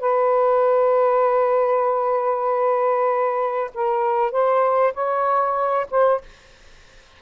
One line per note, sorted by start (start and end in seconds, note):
0.00 3.71 B4
3.75 4.32 A#4
4.32 4.94 C5
4.94 5.87 C#5
5.91 6.22 C5